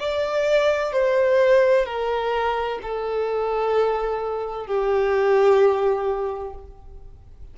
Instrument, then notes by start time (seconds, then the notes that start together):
violin
0.00 D5
0.93 C5
1.86 A#4
2.83 A4
4.67 G4